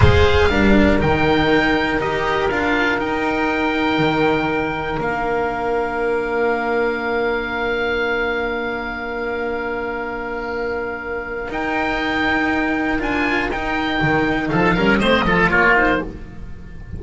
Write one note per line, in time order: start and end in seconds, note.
0.00 0.51 G#3
0.00 0.49 G#4
0.00 0.49 C5
0.00 0.99 F5
0.49 1.01 G3
0.49 0.98 D4
0.49 14.49 A#4
0.98 1.98 D#3
0.98 1.98 D#4
0.98 2.01 G5
1.98 2.48 D#4
1.98 2.49 G4
1.98 2.50 D#5
2.50 3.00 D4
2.50 2.97 F4
2.50 3.00 F5
2.97 4.97 D#4
2.97 3.98 D#4
2.97 5.00 G5
3.98 4.97 D#3
4.97 11.49 A#3
4.97 11.47 D4
4.97 11.51 F5
11.49 12.99 D#4
11.49 13.02 G5
12.99 13.49 D4
12.99 13.49 F4
12.99 13.51 G#5
13.50 14.00 D#4
13.50 14.77 D#4
13.50 14.48 G5
14.01 14.51 D#3
14.48 14.76 F3
14.48 14.74 A4
14.48 14.98 F5
14.74 15.00 G3
14.74 15.00 C#4
14.74 14.99 A#4
14.98 15.24 A3
14.98 15.25 C4
14.98 15.24 C5
14.98 15.48 D#5
15.24 15.49 F3
15.24 15.75 F4
15.24 15.51 A4
15.49 15.99 A#3
15.49 16.01 F4
15.49 15.74 C#5
15.75 16.00 D#4
15.75 16.02 C5